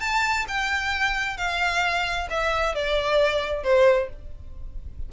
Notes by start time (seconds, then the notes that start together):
0.00 A5
0.48 G5
1.37 F5
2.30 E5
2.74 D5
3.64 C5